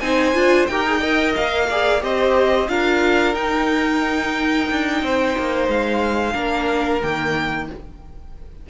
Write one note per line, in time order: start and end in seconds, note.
0.00 0.35 C4
0.00 0.35 D#4
0.00 0.71 C5
0.00 0.67 G#5
0.35 0.69 D4
0.35 0.68 F4
0.67 1.36 D#4
0.67 0.87 G4
0.67 1.01 A#4
0.67 1.34 G5
0.87 1.02 G#4
1.01 1.69 A#4
1.01 1.67 D#5
1.36 2.03 A#3
1.36 2.03 F5
1.70 2.01 G#4
1.70 2.03 D5
2.01 2.69 C4
2.01 2.68 G4
2.01 2.71 C5
2.01 2.69 D#5
2.68 3.34 D4
2.68 3.35 F4
2.68 5.04 A#4
2.68 3.35 F5
3.34 4.68 D#4
3.34 6.34 D#4
3.34 5.68 G5
4.71 5.03 D4
5.03 5.36 C4
5.03 6.33 C5
5.39 5.68 A#3
5.68 6.35 G#3
5.68 7.02 F5
6.33 7.02 A#3
6.33 7.00 D4
6.33 7.67 A#4
7.02 7.70 D#3
7.02 7.69 A#3
7.02 7.69 G5